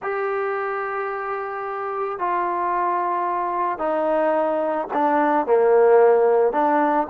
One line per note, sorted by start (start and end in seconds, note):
0.02 2.18 G4
2.18 3.78 F4
3.78 4.87 D#4
4.93 5.46 D4
5.46 6.52 A#3
6.52 7.07 D4